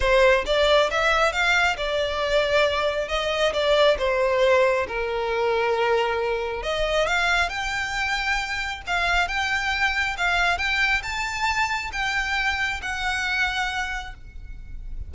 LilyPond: \new Staff \with { instrumentName = "violin" } { \time 4/4 \tempo 4 = 136 c''4 d''4 e''4 f''4 | d''2. dis''4 | d''4 c''2 ais'4~ | ais'2. dis''4 |
f''4 g''2. | f''4 g''2 f''4 | g''4 a''2 g''4~ | g''4 fis''2. | }